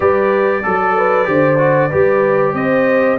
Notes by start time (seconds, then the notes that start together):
0.00 G3 G4 B4 D5
0.63 F#3 A4
0.96 B4
1.24 D3 G4 C5
1.58 F#4
1.89 G3 G4 B4
2.53 C4 C5 D#5